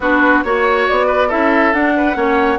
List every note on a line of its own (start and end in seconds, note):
0.00 0.43 B3
0.00 0.44 D4
0.00 0.44 F#4
0.00 0.43 B4
0.43 0.87 A#3
0.43 1.29 F#4
0.43 0.86 C#5
0.43 1.06 C#5
0.87 1.32 B3
0.87 1.30 D5
1.06 1.28 B4
1.28 1.73 C#4
1.28 1.73 E4
1.28 1.93 A4
1.28 1.73 E5
1.73 2.16 D4
1.73 2.14 D4
1.73 2.59 F#5
1.96 2.16 B4
2.14 2.59 A#3
2.14 2.58 C#4
2.14 2.59 C#5